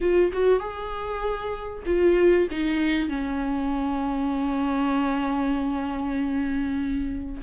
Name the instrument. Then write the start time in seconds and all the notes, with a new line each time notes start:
viola
0.00 F4
0.32 F#4
0.59 G#4
1.86 F4
2.51 D#4
3.08 C#4